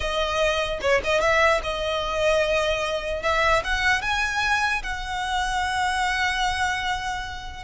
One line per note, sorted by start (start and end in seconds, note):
0.00 0.79 D#5
0.81 1.01 C#5
1.03 1.20 D#5
1.20 1.61 E5
1.63 3.22 D#5
3.22 3.62 E5
3.64 4.01 F#5
4.01 4.82 G#5
4.82 7.63 F#5